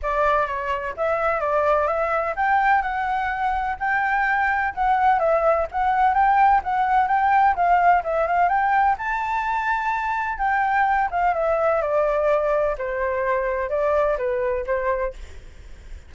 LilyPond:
\new Staff \with { instrumentName = "flute" } { \time 4/4 \tempo 4 = 127 d''4 cis''4 e''4 d''4 | e''4 g''4 fis''2 | g''2 fis''4 e''4 | fis''4 g''4 fis''4 g''4 |
f''4 e''8 f''8 g''4 a''4~ | a''2 g''4. f''8 | e''4 d''2 c''4~ | c''4 d''4 b'4 c''4 | }